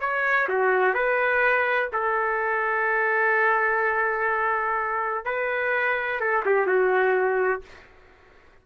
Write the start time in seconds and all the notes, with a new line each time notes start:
0.00 C#5
0.48 F#4
0.94 B4
1.92 A4
5.25 B4
6.20 A4
6.45 G4
6.66 F#4